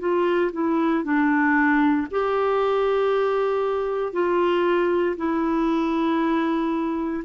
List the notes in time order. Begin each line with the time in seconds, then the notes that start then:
0.00 F4
0.53 E4
1.04 D4
2.11 G4
4.13 F4
5.17 E4